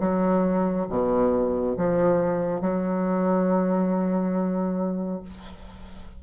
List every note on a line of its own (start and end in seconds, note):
0.00 0.87 F#3
0.89 1.76 B2
1.77 2.61 F3
2.61 5.22 F#3